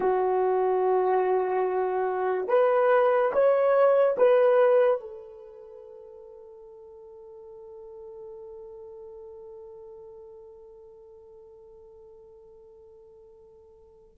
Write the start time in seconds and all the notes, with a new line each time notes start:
0.00 F#4
2.48 B4
3.32 C#5
4.17 B4
5.00 A4